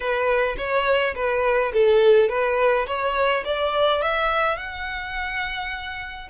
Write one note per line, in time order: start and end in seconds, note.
0.00 0.56 B4
0.57 1.14 C#5
1.15 1.72 B4
1.73 2.29 A4
2.29 2.86 B4
2.86 3.44 C#5
3.44 4.02 D5
4.02 4.57 E5
4.57 6.28 F#5